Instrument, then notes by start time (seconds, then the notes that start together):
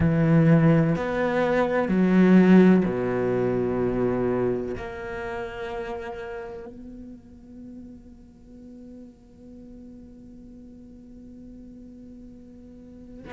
cello
0.00 E3
0.96 B3
1.88 F#3
2.85 B2
4.77 A#3
6.66 B3